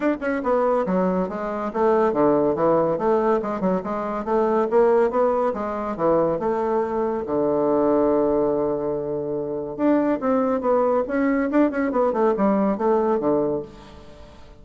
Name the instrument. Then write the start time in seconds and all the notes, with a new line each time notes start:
bassoon
0.00 D4
0.20 C#4
0.43 B3
0.86 F#3
1.29 G#3
1.73 A3
2.13 D3
2.55 E3
2.98 A3
3.42 G#3
3.60 F#3
3.83 G#3
4.25 A3
4.70 A#3
5.10 B3
5.53 G#3
5.96 E3
6.39 A3
7.26 D3
9.76 D4
10.20 C4
10.60 B3
11.07 C#4
11.50 D4
11.70 C#4
11.91 B3
12.13 A3
12.37 G3
12.77 A3
13.19 D3